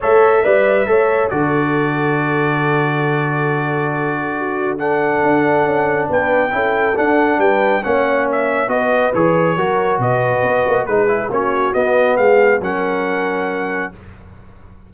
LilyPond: <<
  \new Staff \with { instrumentName = "trumpet" } { \time 4/4 \tempo 4 = 138 e''2. d''4~ | d''1~ | d''2. fis''4~ | fis''2 g''2 |
fis''4 g''4 fis''4 e''4 | dis''4 cis''2 dis''4~ | dis''4 b'4 cis''4 dis''4 | f''4 fis''2. | }
  \new Staff \with { instrumentName = "horn" } { \time 4/4 cis''4 d''4 cis''4 a'4~ | a'1~ | a'2 fis'4 a'4~ | a'2 b'4 a'4~ |
a'4 b'4 cis''2 | b'2 ais'4 b'4~ | b'4 gis'4 fis'2 | gis'4 ais'2. | }
  \new Staff \with { instrumentName = "trombone" } { \time 4/4 a'4 b'4 a'4 fis'4~ | fis'1~ | fis'2. d'4~ | d'2. e'4 |
d'2 cis'2 | fis'4 gis'4 fis'2~ | fis'4 dis'8 e'8 cis'4 b4~ | b4 cis'2. | }
  \new Staff \with { instrumentName = "tuba" } { \time 4/4 a4 g4 a4 d4~ | d1~ | d1 | d'4 cis'4 b4 cis'4 |
d'4 g4 ais2 | b4 e4 fis4 b,4 | b8 ais8 gis4 ais4 b4 | gis4 fis2. | }
>>